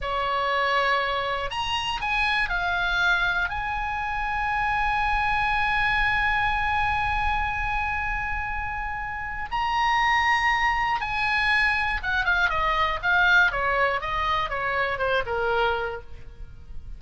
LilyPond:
\new Staff \with { instrumentName = "oboe" } { \time 4/4 \tempo 4 = 120 cis''2. ais''4 | gis''4 f''2 gis''4~ | gis''1~ | gis''1~ |
gis''2. ais''4~ | ais''2 gis''2 | fis''8 f''8 dis''4 f''4 cis''4 | dis''4 cis''4 c''8 ais'4. | }